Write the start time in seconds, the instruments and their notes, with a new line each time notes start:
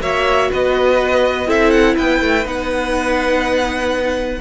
0.00 cello A#3, viola F#4, violin C#5 E5
0.50 cello B3, violin B4 D#5
1.46 cello C4, viola E4, violin A4 E5
1.70 violin F#5
1.95 cello B3, violin B4 G5
2.20 cello A3
2.44 cello B3, viola D#4, violin F#5